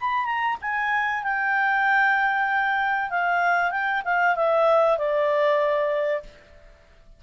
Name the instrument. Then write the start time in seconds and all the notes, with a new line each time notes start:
clarinet
0.00 B5
0.25 A#5
0.61 G#5
1.23 G5
3.10 F5
3.71 G5
4.05 F5
4.35 E5
4.98 D5